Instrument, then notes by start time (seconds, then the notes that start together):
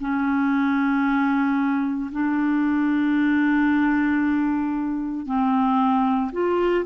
clarinet
0.00 C#4
2.11 D4
5.25 C4
6.32 F4